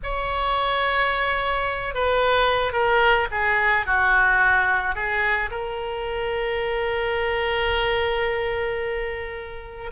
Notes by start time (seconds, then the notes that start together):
0.03 C#5
1.94 B4
2.72 A#4
3.31 G#4
3.85 F#4
4.95 G#4
5.50 A#4